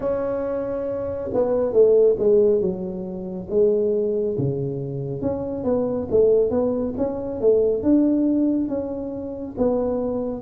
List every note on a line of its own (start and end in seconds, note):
0.00 1.30 C#4
1.33 1.72 B3
1.72 2.16 A3
2.19 2.60 G#3
2.60 3.47 F#3
3.49 4.36 G#3
4.38 5.21 C#3
5.21 5.64 C#4
5.64 6.07 B3
6.11 6.50 A3
6.50 6.94 B3
6.97 7.40 C#4
7.40 7.82 A3
7.82 8.68 D4
8.68 9.55 C#4
9.57 10.41 B3